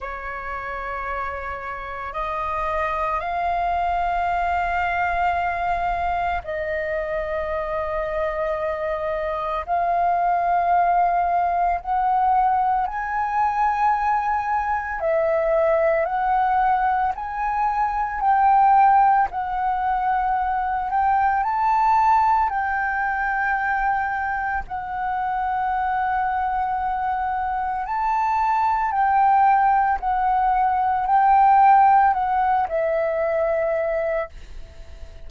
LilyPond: \new Staff \with { instrumentName = "flute" } { \time 4/4 \tempo 4 = 56 cis''2 dis''4 f''4~ | f''2 dis''2~ | dis''4 f''2 fis''4 | gis''2 e''4 fis''4 |
gis''4 g''4 fis''4. g''8 | a''4 g''2 fis''4~ | fis''2 a''4 g''4 | fis''4 g''4 fis''8 e''4. | }